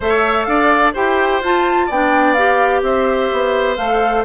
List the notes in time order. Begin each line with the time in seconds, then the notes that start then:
0.00 A3 A4 C#5 E5
0.44 D4 D5 F5
0.93 E4 G4 C5 G5
1.41 F4 A5
1.86 B3 D4 D5 G5
2.33 G4 F5
2.82 C4 C5 E5
3.32 B3
3.75 A3 A4 F5